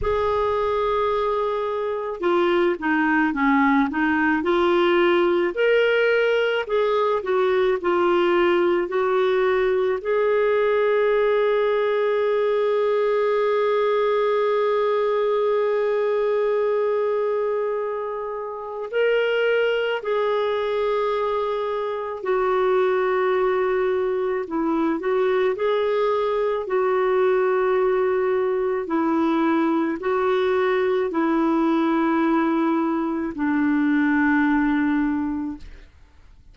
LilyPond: \new Staff \with { instrumentName = "clarinet" } { \time 4/4 \tempo 4 = 54 gis'2 f'8 dis'8 cis'8 dis'8 | f'4 ais'4 gis'8 fis'8 f'4 | fis'4 gis'2.~ | gis'1~ |
gis'4 ais'4 gis'2 | fis'2 e'8 fis'8 gis'4 | fis'2 e'4 fis'4 | e'2 d'2 | }